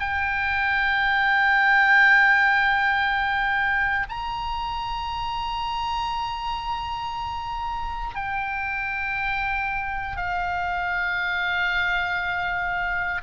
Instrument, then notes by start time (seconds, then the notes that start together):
oboe
0.00 G5
4.09 A#5
8.15 G5
10.16 F5